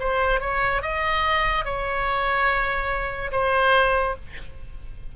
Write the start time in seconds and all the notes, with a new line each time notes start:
0.00 C5
0.41 C#5
0.82 D#5
1.65 C#5
3.32 C5